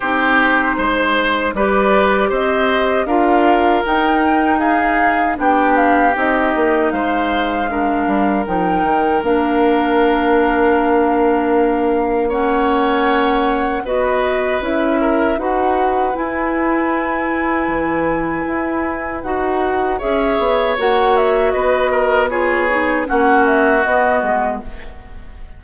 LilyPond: <<
  \new Staff \with { instrumentName = "flute" } { \time 4/4 \tempo 4 = 78 c''2 d''4 dis''4 | f''4 g''4 f''4 g''8 f''8 | dis''4 f''2 g''4 | f''1 |
fis''2 dis''4 e''4 | fis''4 gis''2.~ | gis''4 fis''4 e''4 fis''8 e''8 | dis''4 cis''4 fis''8 e''8 dis''4 | }
  \new Staff \with { instrumentName = "oboe" } { \time 4/4 g'4 c''4 b'4 c''4 | ais'2 gis'4 g'4~ | g'4 c''4 ais'2~ | ais'1 |
cis''2 b'4. ais'8 | b'1~ | b'2 cis''2 | b'8 ais'8 gis'4 fis'2 | }
  \new Staff \with { instrumentName = "clarinet" } { \time 4/4 dis'2 g'2 | f'4 dis'2 d'4 | dis'2 d'4 dis'4 | d'1 |
cis'2 fis'4 e'4 | fis'4 e'2.~ | e'4 fis'4 gis'4 fis'4~ | fis'4 f'8 dis'8 cis'4 b4 | }
  \new Staff \with { instrumentName = "bassoon" } { \time 4/4 c'4 gis4 g4 c'4 | d'4 dis'2 b4 | c'8 ais8 gis4. g8 f8 dis8 | ais1~ |
ais2 b4 cis'4 | dis'4 e'2 e4 | e'4 dis'4 cis'8 b8 ais4 | b2 ais4 b8 gis8 | }
>>